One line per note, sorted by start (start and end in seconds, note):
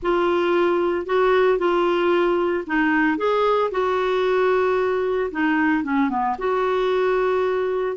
0.02 1.05 F4
1.05 1.58 F#4
1.58 2.64 F4
2.66 3.17 D#4
3.17 3.70 G#4
3.71 5.30 F#4
5.31 5.83 D#4
5.83 6.09 C#4
6.09 6.36 B3
6.38 7.96 F#4